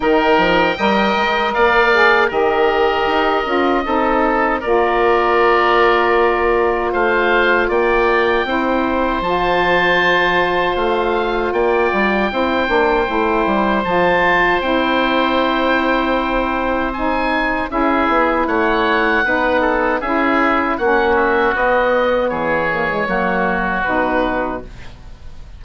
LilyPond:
<<
  \new Staff \with { instrumentName = "oboe" } { \time 4/4 \tempo 4 = 78 g''2 f''4 dis''4~ | dis''2 d''2~ | d''4 f''4 g''2 | a''2 f''4 g''4~ |
g''2 a''4 g''4~ | g''2 gis''4 e''4 | fis''2 e''4 fis''8 e''8 | dis''4 cis''2 b'4 | }
  \new Staff \with { instrumentName = "oboe" } { \time 4/4 ais'4 dis''4 d''4 ais'4~ | ais'4 a'4 ais'2~ | ais'4 c''4 d''4 c''4~ | c''2. d''4 |
c''1~ | c''2. gis'4 | cis''4 b'8 a'8 gis'4 fis'4~ | fis'4 gis'4 fis'2 | }
  \new Staff \with { instrumentName = "saxophone" } { \time 4/4 dis'4 ais'4. gis'8 g'4~ | g'8 f'8 dis'4 f'2~ | f'2. e'4 | f'1 |
e'8 d'8 e'4 f'4 e'4~ | e'2 dis'4 e'4~ | e'4 dis'4 e'4 cis'4 | b4. ais16 gis16 ais4 dis'4 | }
  \new Staff \with { instrumentName = "bassoon" } { \time 4/4 dis8 f8 g8 gis8 ais4 dis4 | dis'8 cis'8 c'4 ais2~ | ais4 a4 ais4 c'4 | f2 a4 ais8 g8 |
c'8 ais8 a8 g8 f4 c'4~ | c'2. cis'8 b8 | a4 b4 cis'4 ais4 | b4 e4 fis4 b,4 | }
>>